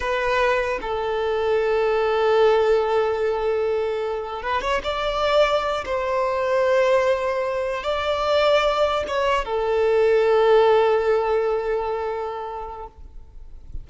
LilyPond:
\new Staff \with { instrumentName = "violin" } { \time 4/4 \tempo 4 = 149 b'2 a'2~ | a'1~ | a'2. b'8 cis''8 | d''2~ d''8 c''4.~ |
c''2.~ c''8 d''8~ | d''2~ d''8 cis''4 a'8~ | a'1~ | a'1 | }